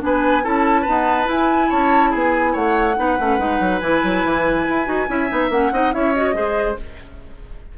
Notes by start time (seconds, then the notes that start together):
0.00 B3 D4 B4 G#5
0.43 C#4 E4 A4 A5
0.81 B3 B4
0.88 D#4
1.24 E4
1.31 G#5
1.69 C#4 C#5 A5
2.10 B3 G#4 G#5
2.52 A3 C#5 F#5
2.96 B3 D#4 B4
3.19 A3 C#4
3.38 G#3 D#4
3.59 F#3
3.79 E3 E4 G#5
4.03 F#3
4.24 E3
4.69 E4
4.85 D#4 F#4
5.07 C#4 E4 E5
5.28 B3 D#4
5.49 A#3 C#4 F#5
5.72 C4 D#4 D#5
5.92 C#4 E4 C#5 E5
6.14 F#4 D#5
6.33 G#3 G#4 C5